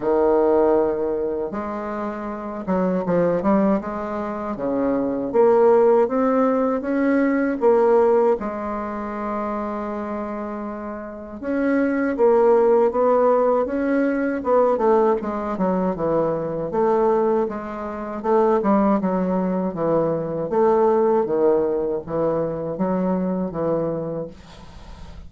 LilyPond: \new Staff \with { instrumentName = "bassoon" } { \time 4/4 \tempo 4 = 79 dis2 gis4. fis8 | f8 g8 gis4 cis4 ais4 | c'4 cis'4 ais4 gis4~ | gis2. cis'4 |
ais4 b4 cis'4 b8 a8 | gis8 fis8 e4 a4 gis4 | a8 g8 fis4 e4 a4 | dis4 e4 fis4 e4 | }